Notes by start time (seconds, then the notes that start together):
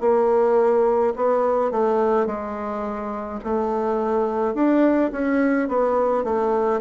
0.00 A#3
1.16 B3
1.71 A3
2.26 G#3
3.44 A3
4.54 D4
5.11 C#4
5.68 B3
6.24 A3